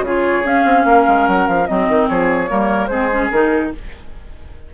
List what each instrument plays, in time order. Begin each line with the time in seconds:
0.00 bassoon C#3, clarinet F4, oboe G#4
0.06 flute C#5
0.44 clarinet C#4, bassoon C#4, flute F5
0.64 bassoon C4
0.84 bassoon A#3, oboe A#4
1.08 bassoon G#3
1.27 bassoon F#3, flute F#5
1.47 bassoon F3, flute F5
1.67 bassoon F#3, clarinet C4, oboe D#4, flute D#5
1.88 bassoon D#3
2.08 bassoon F3, oboe G#4, flute C#5
2.48 bassoon G3, clarinet A#3, oboe A#4
2.86 bassoon G#3, clarinet C4, oboe G#4, flute C5
3.11 clarinet C#4
3.31 bassoon D#3, clarinet D#4, flute A#4